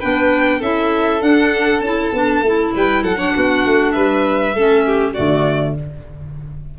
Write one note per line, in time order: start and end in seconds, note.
0.00 0.62 B3
0.00 0.61 D4
0.00 0.59 B4
0.00 0.61 G5
0.59 1.22 C#4
0.59 1.20 E4
0.59 2.71 A4
0.59 1.22 E5
1.20 1.81 D4
1.20 1.81 F#5
1.81 2.11 C#4
1.81 2.14 E4
1.81 2.72 A5
2.13 2.42 B3
2.13 2.44 D4
2.42 2.72 A3
2.42 3.16 E4
2.75 3.03 G3
2.75 3.03 B4
2.75 3.04 G5
3.03 3.34 F#3
3.03 3.18 A4
3.03 3.92 F#5
3.16 4.52 D4
3.16 3.33 C#5
3.35 3.66 B3
3.35 3.94 F#4
3.66 3.96 A3
3.92 4.55 G3
3.92 4.55 B4
3.92 5.13 E5
4.55 5.15 A3
4.55 5.15 C#4
4.55 4.85 A4
4.85 5.13 G4
5.13 5.79 D3
5.13 5.76 A3
5.13 5.74 F#4
5.13 5.75 D5